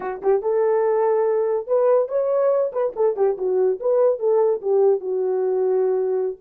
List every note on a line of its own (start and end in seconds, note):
0.00 0.21 F#4
0.21 0.41 G4
0.41 1.67 A4
1.67 2.08 B4
2.08 2.71 C#5
2.72 2.93 B4
2.95 3.16 A4
3.16 3.37 G4
3.37 3.79 F#4
3.80 4.19 B4
4.19 4.61 A4
4.61 5.00 G4
5.00 6.36 F#4